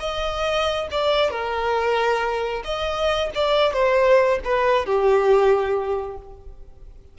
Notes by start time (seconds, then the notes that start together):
0.00 D#5
0.92 D5
1.31 A#4
2.65 D#5
3.35 D5
3.74 C5
4.45 B4
4.86 G4